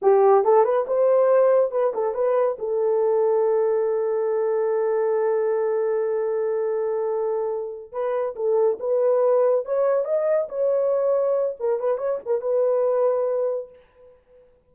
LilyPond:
\new Staff \with { instrumentName = "horn" } { \time 4/4 \tempo 4 = 140 g'4 a'8 b'8 c''2 | b'8 a'8 b'4 a'2~ | a'1~ | a'1~ |
a'2~ a'8 b'4 a'8~ | a'8 b'2 cis''4 dis''8~ | dis''8 cis''2~ cis''8 ais'8 b'8 | cis''8 ais'8 b'2. | }